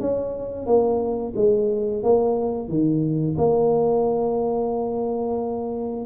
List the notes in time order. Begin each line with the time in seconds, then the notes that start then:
0.00 C#4
0.66 A#3
1.36 G#3
2.03 A#3
2.68 D#3
3.38 A#3